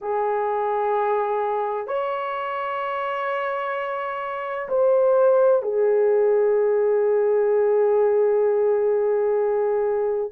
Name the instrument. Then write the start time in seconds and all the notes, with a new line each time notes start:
horn
0.01 G#4
1.87 C#5
4.69 C5
5.62 G#4